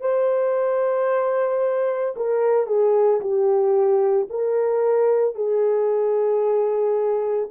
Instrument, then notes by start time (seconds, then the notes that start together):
horn
0.00 C5
2.16 A#4
2.66 G#4
3.20 G4
4.30 A#4
5.35 G#4